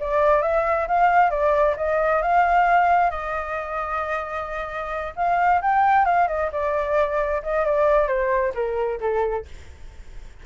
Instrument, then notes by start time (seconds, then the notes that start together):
flute
0.00 D5
0.42 E5
0.88 F5
1.30 D5
1.77 D#5
2.22 F5
3.10 D#5
5.16 F5
5.62 G5
6.05 F5
6.28 D#5
6.52 D5
7.43 D#5
7.65 D5
8.08 C5
8.54 A#4
9.00 A4